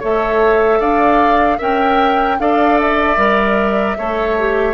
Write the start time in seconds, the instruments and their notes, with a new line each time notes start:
0.00 bassoon A3, clarinet A4, oboe C#5, flute E5
0.80 bassoon D4, oboe D5, flute F5
1.58 bassoon C#4, clarinet A#4, oboe E5, flute G5
2.39 bassoon D4, clarinet A4, oboe D5, flute F5
2.80 flute E5
3.17 bassoon G3, clarinet A#4
3.98 bassoon A3, clarinet A4, oboe C#5
4.40 clarinet G4